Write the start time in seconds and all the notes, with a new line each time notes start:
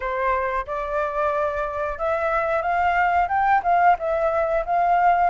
0.00 C5
0.66 D5
1.98 E5
2.62 F5
3.28 G5
3.63 F5
3.98 E5
4.65 F5